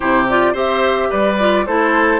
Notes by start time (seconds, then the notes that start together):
0.00 C3 E4 G4 C5
0.29 F4 D5
0.53 C4 G4 C5 E5
1.10 G3 B4 D5
1.39 F4
1.66 A3 E4 A4 C5